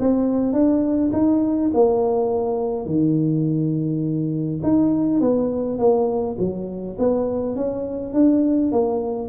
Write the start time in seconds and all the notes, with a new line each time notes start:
0.00 C4
0.53 D4
1.13 D#4
1.73 A#3
2.86 D#3
4.63 D#4
5.21 B3
5.78 A#3
6.38 F#3
6.99 B3
7.56 C#4
8.13 D4
8.72 A#3